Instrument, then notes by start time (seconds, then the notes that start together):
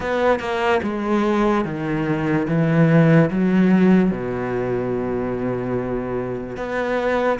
cello
0.00 B3
0.39 A#3
0.82 G#3
1.64 D#3
2.48 E3
3.30 F#3
4.11 B2
6.56 B3